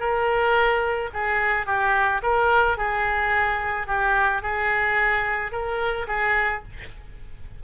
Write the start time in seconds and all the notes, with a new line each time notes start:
0.00 A#4
1.14 G#4
1.66 G4
2.23 A#4
2.77 G#4
3.87 G4
4.43 G#4
5.52 A#4
6.08 G#4